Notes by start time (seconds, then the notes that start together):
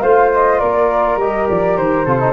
0.00 A3 F4 C5 F5
0.33 D#5
0.59 A#3 A#4 D5
1.16 G3 G4 D#5
1.48 F3 D5
1.77 D#3 C5
2.05 C3 F4 A4
2.19 D#4